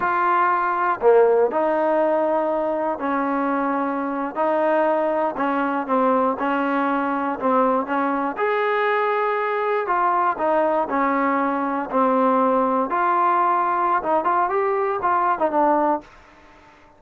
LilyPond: \new Staff \with { instrumentName = "trombone" } { \time 4/4 \tempo 4 = 120 f'2 ais4 dis'4~ | dis'2 cis'2~ | cis'8. dis'2 cis'4 c'16~ | c'8. cis'2 c'4 cis'16~ |
cis'8. gis'2. f'16~ | f'8. dis'4 cis'2 c'16~ | c'4.~ c'16 f'2~ f'16 | dis'8 f'8 g'4 f'8. dis'16 d'4 | }